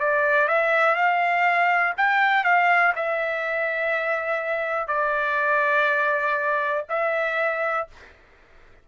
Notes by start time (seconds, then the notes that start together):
0.00 D5
0.48 E5
0.95 F5
1.97 G5
2.44 F5
2.96 E5
4.88 D5
6.89 E5